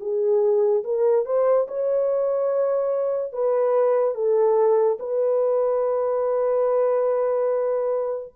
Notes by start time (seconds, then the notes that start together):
0.00 G#4
0.84 A#4
1.25 C5
1.67 C#5
3.33 B4
4.14 A4
5.00 B4